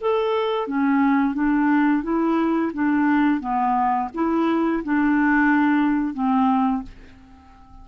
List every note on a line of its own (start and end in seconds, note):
0.00 0.67 A4
0.67 1.34 C#4
1.34 2.03 D4
2.03 2.71 E4
2.73 3.39 D4
3.39 4.08 B3
4.14 4.83 E4
4.84 6.13 D4
6.13 6.82 C4